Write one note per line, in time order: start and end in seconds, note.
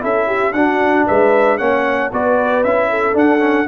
0.00 0.53 C#4
0.00 0.52 E4
0.00 0.27 A4
0.00 0.53 E5
0.27 0.53 G4
0.53 1.05 D4
0.53 1.59 D4
0.53 1.06 F#4
0.53 1.05 F#5
1.07 1.60 G#3
1.07 1.58 B4
1.07 1.58 E5
1.58 2.12 A#3
1.58 2.11 C#4
1.58 2.11 C#5
1.58 2.10 F#5
2.12 2.64 B3
2.12 2.64 F#4
2.12 2.90 B4
2.12 2.63 D5
2.63 3.14 C#4
2.63 3.13 E4
2.63 3.16 E5
2.90 3.68 A4
3.13 3.39 D4
3.13 3.66 D4
3.13 3.68 F#5
3.39 3.65 C#4